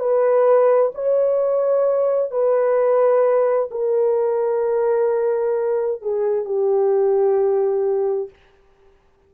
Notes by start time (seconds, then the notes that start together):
0.00 B4
0.95 C#5
2.31 B4
3.71 A#4
6.02 G#4
6.45 G4